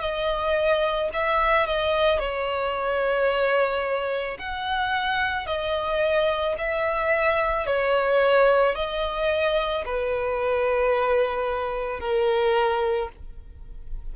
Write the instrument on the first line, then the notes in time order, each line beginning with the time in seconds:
violin
0.00 D#5
1.14 E5
1.67 D#5
2.20 C#5
4.39 F#5
5.46 D#5
6.58 E5
7.67 C#5
8.76 D#5
9.85 B4
12.00 A#4